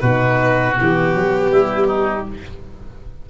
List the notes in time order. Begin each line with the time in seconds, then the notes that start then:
0.00 B2 D#4 F#4 B4
0.74 B3
0.80 E3 G4
1.14 F#3
1.52 G3 E4
1.88 D#4